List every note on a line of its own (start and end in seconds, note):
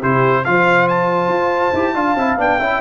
0.00 0.45 C3
0.00 0.45 E4
0.00 0.43 G4
0.00 0.45 C5
0.45 1.28 F3
0.45 1.75 F4
0.45 1.96 C5
0.45 0.87 F5
0.88 2.38 A5
1.28 1.71 F4
1.73 1.94 E4
1.73 1.95 G4
1.94 2.15 D4
1.94 2.17 F4
1.94 2.60 F5
2.15 2.37 C4
2.15 2.37 E4
2.37 2.59 B3
2.37 2.59 D4
2.37 2.81 G5
2.59 2.81 C#4
2.59 2.81 E4
2.59 2.81 E5